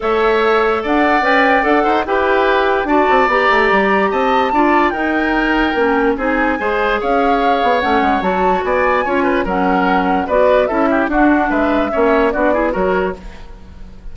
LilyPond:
<<
  \new Staff \with { instrumentName = "flute" } { \time 4/4 \tempo 4 = 146 e''2 fis''4 g''4 | fis''4 g''2 a''4 | ais''2 a''2 | g''2. gis''4~ |
gis''4 f''2 fis''4 | a''4 gis''2 fis''4~ | fis''4 d''4 e''4 fis''4 | e''2 d''4 cis''4 | }
  \new Staff \with { instrumentName = "oboe" } { \time 4/4 cis''2 d''2~ | d''8 c''8 b'2 d''4~ | d''2 dis''4 d''4 | ais'2. gis'4 |
c''4 cis''2.~ | cis''4 d''4 cis''8 b'8 ais'4~ | ais'4 b'4 a'8 g'8 fis'4 | b'4 cis''4 fis'8 gis'8 ais'4 | }
  \new Staff \with { instrumentName = "clarinet" } { \time 4/4 a'2. b'4 | a'4 g'2 fis'4 | g'2. f'4 | dis'2 cis'4 dis'4 |
gis'2. cis'4 | fis'2 f'4 cis'4~ | cis'4 fis'4 e'4 d'4~ | d'4 cis'4 d'8 e'8 fis'4 | }
  \new Staff \with { instrumentName = "bassoon" } { \time 4/4 a2 d'4 cis'4 | d'8 dis'8 e'2 d'8 c'8 | b8 a8 g4 c'4 d'4 | dis'2 ais4 c'4 |
gis4 cis'4. b8 a8 gis8 | fis4 b4 cis'4 fis4~ | fis4 b4 cis'4 d'4 | gis4 ais4 b4 fis4 | }
>>